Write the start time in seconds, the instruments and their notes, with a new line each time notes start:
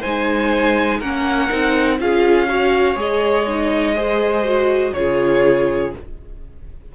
0.00 cello G#3, viola D#4, violin C5 G#5
0.99 cello A#3, viola C#4, violin A#4 F#5
1.50 cello C4, viola D#4
1.99 cello C#4, viola F4, violin G#4 F5
2.49 viola F#4, violin C#5
2.96 cello G#3, viola G#4, violin D#5
3.48 viola D#4
3.95 viola G#4, violin C5
4.45 viola F#4
4.94 cello C#3, viola F4, violin G#4 C#5